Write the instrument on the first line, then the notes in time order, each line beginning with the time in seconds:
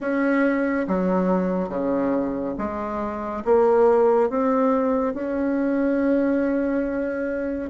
bassoon
0.00 C#4
0.87 F#3
1.69 C#3
2.58 G#3
3.44 A#3
4.29 C4
5.14 C#4